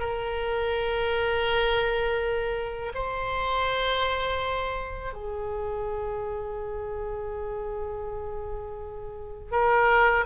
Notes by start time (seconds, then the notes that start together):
0.00 A#4
2.95 C5
5.14 G#4
9.52 A#4